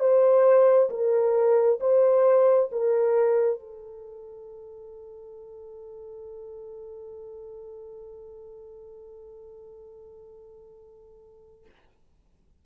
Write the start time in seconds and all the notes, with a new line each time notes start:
0.00 C5
0.90 A#4
1.80 C5
2.72 A#4
3.59 A4